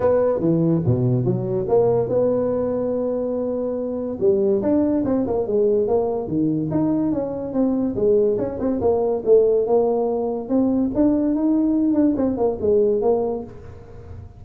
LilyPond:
\new Staff \with { instrumentName = "tuba" } { \time 4/4 \tempo 4 = 143 b4 e4 b,4 fis4 | ais4 b2.~ | b2 g4 d'4 | c'8 ais8 gis4 ais4 dis4 |
dis'4 cis'4 c'4 gis4 | cis'8 c'8 ais4 a4 ais4~ | ais4 c'4 d'4 dis'4~ | dis'8 d'8 c'8 ais8 gis4 ais4 | }